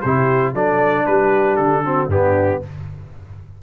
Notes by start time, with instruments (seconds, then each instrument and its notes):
0.00 tuba C3, trombone E4, horn G4, trumpet C5
0.53 tuba F#3, trombone D4, horn A4, trumpet D5
1.06 tuba G3, horn G4, trumpet B4
1.56 tuba D3, trumpet A4
1.84 trombone C4, horn F#4
2.08 tuba G2, trombone B3, horn D4, trumpet G4